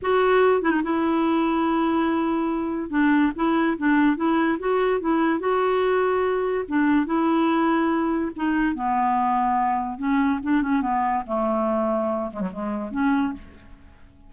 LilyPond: \new Staff \with { instrumentName = "clarinet" } { \time 4/4 \tempo 4 = 144 fis'4. e'16 dis'16 e'2~ | e'2. d'4 | e'4 d'4 e'4 fis'4 | e'4 fis'2. |
d'4 e'2. | dis'4 b2. | cis'4 d'8 cis'8 b4 a4~ | a4. gis16 fis16 gis4 cis'4 | }